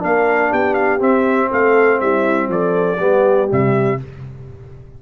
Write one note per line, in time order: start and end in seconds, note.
0.00 0.53 A#3
0.00 0.99 D4
0.00 0.50 A#4
0.00 0.53 F5
0.50 1.01 B3
0.50 1.50 G4
0.50 0.74 G5
0.74 0.99 F5
0.99 2.98 C4
0.99 1.51 C4
0.99 1.52 E5
1.51 2.01 A3
1.51 2.01 A4
1.51 2.01 F5
2.01 2.49 G3
2.01 2.51 E4
2.01 2.50 E5
2.49 2.98 F3
2.49 3.01 A4
2.49 3.51 D5
2.99 3.49 G3
2.99 3.48 B3
2.99 4.01 G4
3.48 4.02 C3
3.48 3.98 G3
3.48 4.02 E5